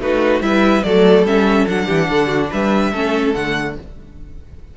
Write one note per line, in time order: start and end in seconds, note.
0.00 0.41 A3
0.00 0.42 D#4
0.00 0.44 F#4
0.00 0.42 B4
0.41 0.83 G3
0.41 0.84 E4
0.41 0.85 B4
0.41 0.84 E5
0.84 1.24 F#3
0.84 1.26 A3
0.84 1.86 A4
0.84 1.25 D5
1.24 1.66 G3
1.24 1.68 C#4
1.24 1.68 E5
1.68 1.89 F#3
1.68 2.94 D4
1.68 2.51 F#5
1.86 2.10 E3
1.86 2.07 G4
2.10 2.51 D3
2.10 2.27 A4
2.27 2.48 F#4
2.51 2.93 G3
2.51 2.92 B4
2.51 3.34 E5
2.92 3.35 A3
2.92 3.35 C#4
2.92 3.75 A4
3.34 3.78 D3
3.34 3.77 A3
3.34 3.76 F#5